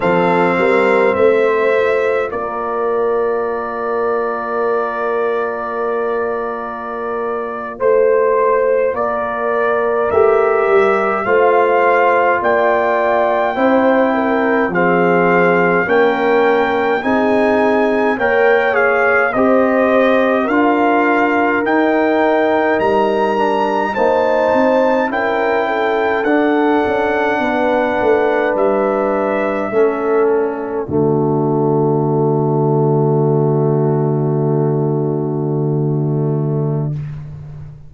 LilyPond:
<<
  \new Staff \with { instrumentName = "trumpet" } { \time 4/4 \tempo 4 = 52 f''4 e''4 d''2~ | d''2~ d''8. c''4 d''16~ | d''8. e''4 f''4 g''4~ g''16~ | g''8. f''4 g''4 gis''4 g''16~ |
g''16 f''8 dis''4 f''4 g''4 ais''16~ | ais''8. a''4 g''4 fis''4~ fis''16~ | fis''8. e''4. d''4.~ d''16~ | d''1 | }
  \new Staff \with { instrumentName = "horn" } { \time 4/4 a'8 ais'8 c''4 ais'2~ | ais'2~ ais'8. c''4 ais'16~ | ais'4.~ ais'16 c''4 d''4 c''16~ | c''16 ais'8 gis'4 ais'4 gis'4 cis''16~ |
cis''8. c''4 ais'2~ ais'16~ | ais'8. c''4 ais'8 a'4. b'16~ | b'4.~ b'16 a'4 fis'4~ fis'16~ | fis'1 | }
  \new Staff \with { instrumentName = "trombone" } { \time 4/4 c'4. f'2~ f'8~ | f'1~ | f'8. g'4 f'2 e'16~ | e'8. c'4 cis'4 dis'4 ais'16~ |
ais'16 gis'8 g'4 f'4 dis'4~ dis'16~ | dis'16 d'8 dis'4 e'4 d'4~ d'16~ | d'4.~ d'16 cis'4 a4~ a16~ | a1 | }
  \new Staff \with { instrumentName = "tuba" } { \time 4/4 f8 g8 a4 ais2~ | ais2~ ais8. a4 ais16~ | ais8. a8 g8 a4 ais4 c'16~ | c'8. f4 ais4 c'4 ais16~ |
ais8. c'4 d'4 dis'4 g16~ | g8. ais8 c'8 cis'4 d'8 cis'8 b16~ | b16 a8 g4 a4 d4~ d16~ | d1 | }
>>